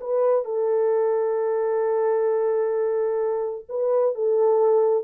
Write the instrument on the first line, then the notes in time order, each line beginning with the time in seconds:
horn
0.00 B4
0.44 A4
3.68 B4
4.14 A4